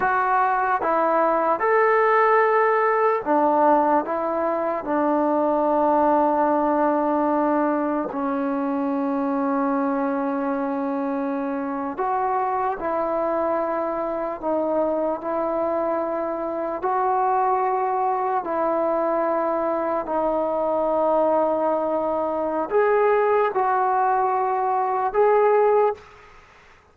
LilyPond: \new Staff \with { instrumentName = "trombone" } { \time 4/4 \tempo 4 = 74 fis'4 e'4 a'2 | d'4 e'4 d'2~ | d'2 cis'2~ | cis'2~ cis'8. fis'4 e'16~ |
e'4.~ e'16 dis'4 e'4~ e'16~ | e'8. fis'2 e'4~ e'16~ | e'8. dis'2.~ dis'16 | gis'4 fis'2 gis'4 | }